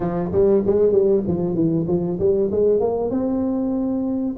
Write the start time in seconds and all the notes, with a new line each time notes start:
0.00 F3
0.32 G3
0.66 G#3
0.91 G3
1.27 F3
1.55 E3
1.87 F3
2.19 G3
2.51 G#3
2.80 A#3
3.10 C4